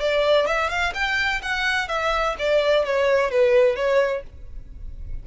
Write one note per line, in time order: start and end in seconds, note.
0.00 0.46 D5
0.46 0.69 E5
0.69 0.93 F5
0.94 1.41 G5
1.42 1.88 F#5
1.88 2.36 E5
2.39 2.85 D5
2.85 3.30 C#5
3.30 3.76 B4
3.76 4.23 C#5